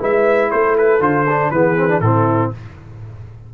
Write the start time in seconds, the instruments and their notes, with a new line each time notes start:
0.00 tuba G#3, trombone E4, horn B4, trumpet E5
0.52 tuba A3, horn A4, trumpet C5
0.78 trumpet B4
1.00 tuba D3, trombone F4, trumpet C5
1.30 trombone D4
1.51 tuba E3, trombone B3, horn G#4, trumpet B4
1.77 trombone C4
1.89 trombone D4
2.01 tuba A2, trombone C4, horn E4, trumpet A4